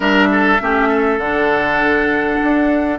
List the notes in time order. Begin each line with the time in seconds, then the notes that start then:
0.00 G3 D4 A#4 E5
0.31 A4
0.60 A3 C#4 G4
0.88 A4
1.18 D3 D4 F#5
2.43 D4